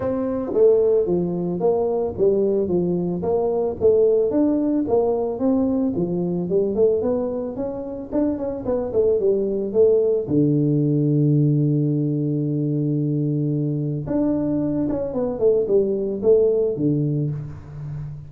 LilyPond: \new Staff \with { instrumentName = "tuba" } { \time 4/4 \tempo 4 = 111 c'4 a4 f4 ais4 | g4 f4 ais4 a4 | d'4 ais4 c'4 f4 | g8 a8 b4 cis'4 d'8 cis'8 |
b8 a8 g4 a4 d4~ | d1~ | d2 d'4. cis'8 | b8 a8 g4 a4 d4 | }